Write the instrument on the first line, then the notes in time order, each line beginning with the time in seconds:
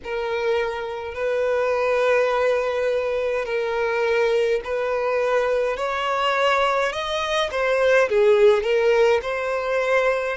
violin
0.03 A#4
1.14 B4
3.45 A#4
4.64 B4
5.76 C#5
6.92 D#5
7.51 C5
8.09 G#4
8.62 A#4
9.22 C5